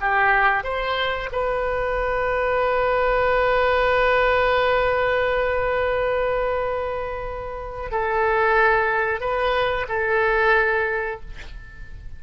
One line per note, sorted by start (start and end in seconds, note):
0.00 0.63 G4
0.63 1.29 C5
1.32 7.91 B4
7.91 9.20 A4
9.20 9.86 B4
9.88 11.20 A4